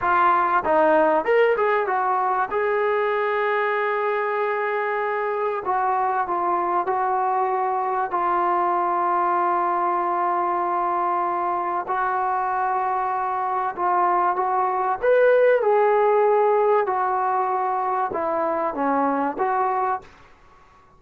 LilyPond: \new Staff \with { instrumentName = "trombone" } { \time 4/4 \tempo 4 = 96 f'4 dis'4 ais'8 gis'8 fis'4 | gis'1~ | gis'4 fis'4 f'4 fis'4~ | fis'4 f'2.~ |
f'2. fis'4~ | fis'2 f'4 fis'4 | b'4 gis'2 fis'4~ | fis'4 e'4 cis'4 fis'4 | }